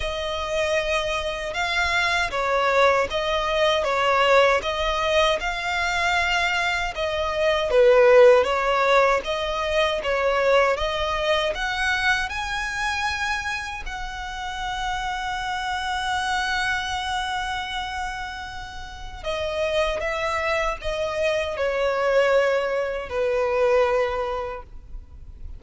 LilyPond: \new Staff \with { instrumentName = "violin" } { \time 4/4 \tempo 4 = 78 dis''2 f''4 cis''4 | dis''4 cis''4 dis''4 f''4~ | f''4 dis''4 b'4 cis''4 | dis''4 cis''4 dis''4 fis''4 |
gis''2 fis''2~ | fis''1~ | fis''4 dis''4 e''4 dis''4 | cis''2 b'2 | }